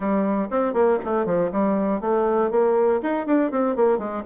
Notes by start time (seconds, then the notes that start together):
0.00 G3
0.50 C4
0.73 A#3
1.04 A3
1.25 F3
1.51 G3
2.00 A3
2.50 A#3
3.02 D#4
3.26 D4
3.51 C4
3.75 A#3
3.98 G#3